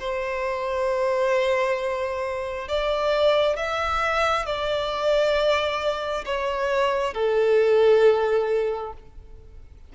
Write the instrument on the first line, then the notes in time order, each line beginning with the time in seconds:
violin
0.00 C5
2.68 D5
3.56 E5
4.46 D5
6.25 C#5
7.14 A4